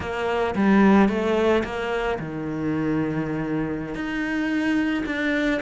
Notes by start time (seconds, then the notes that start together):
0.00 A#3
0.55 G3
1.08 A3
1.64 A#3
2.19 D#3
3.94 D#4
5.06 D4